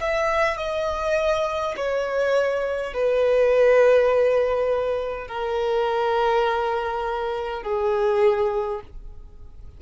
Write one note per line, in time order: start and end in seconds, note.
0.00 0.57 E5
0.57 1.74 D#5
1.76 2.93 C#5
2.93 5.27 B4
5.27 7.63 A#4
7.63 8.80 G#4